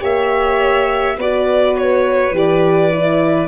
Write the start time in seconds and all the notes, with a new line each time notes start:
0.00 A#3 G4 C#5 E5
1.17 B3 F#4 B4 D5
1.77 C#5
2.31 E3 G4
2.37 D5
2.93 E4